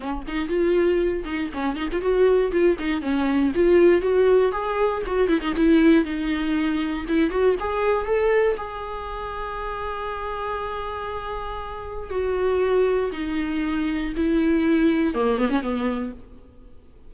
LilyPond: \new Staff \with { instrumentName = "viola" } { \time 4/4 \tempo 4 = 119 cis'8 dis'8 f'4. dis'8 cis'8 dis'16 f'16 | fis'4 f'8 dis'8 cis'4 f'4 | fis'4 gis'4 fis'8 e'16 dis'16 e'4 | dis'2 e'8 fis'8 gis'4 |
a'4 gis'2.~ | gis'1 | fis'2 dis'2 | e'2 ais8 b16 cis'16 b4 | }